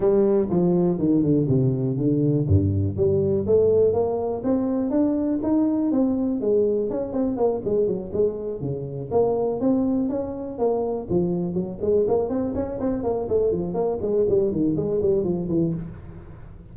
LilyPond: \new Staff \with { instrumentName = "tuba" } { \time 4/4 \tempo 4 = 122 g4 f4 dis8 d8 c4 | d4 g,4 g4 a4 | ais4 c'4 d'4 dis'4 | c'4 gis4 cis'8 c'8 ais8 gis8 |
fis8 gis4 cis4 ais4 c'8~ | c'8 cis'4 ais4 f4 fis8 | gis8 ais8 c'8 cis'8 c'8 ais8 a8 f8 | ais8 gis8 g8 dis8 gis8 g8 f8 e8 | }